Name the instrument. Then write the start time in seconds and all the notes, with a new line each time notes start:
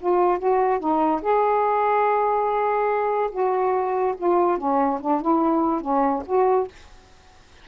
saxophone
0.00 F4
0.39 F#4
0.80 D#4
1.22 G#4
3.32 F#4
4.18 F4
4.58 C#4
5.01 D4
5.22 E4
5.82 C#4
6.27 F#4